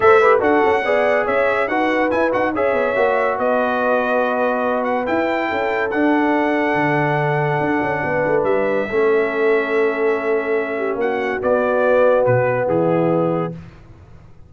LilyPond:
<<
  \new Staff \with { instrumentName = "trumpet" } { \time 4/4 \tempo 4 = 142 e''4 fis''2 e''4 | fis''4 gis''8 fis''8 e''2 | dis''2.~ dis''8 fis''8 | g''2 fis''2~ |
fis''1 | e''1~ | e''2 fis''4 d''4~ | d''4 b'4 gis'2 | }
  \new Staff \with { instrumentName = "horn" } { \time 4/4 c''8 b'8 a'4 d''4 cis''4 | b'2 cis''2 | b'1~ | b'4 a'2.~ |
a'2. b'4~ | b'4 a'2.~ | a'4. g'8 fis'2~ | fis'2 e'2 | }
  \new Staff \with { instrumentName = "trombone" } { \time 4/4 a'8 g'8 fis'4 gis'2 | fis'4 e'8 fis'8 gis'4 fis'4~ | fis'1 | e'2 d'2~ |
d'1~ | d'4 cis'2.~ | cis'2. b4~ | b1 | }
  \new Staff \with { instrumentName = "tuba" } { \time 4/4 a4 d'8 cis'8 b4 cis'4 | dis'4 e'8 dis'8 cis'8 b8 ais4 | b1 | e'4 cis'4 d'2 |
d2 d'8 cis'8 b8 a8 | g4 a2.~ | a2 ais4 b4~ | b4 b,4 e2 | }
>>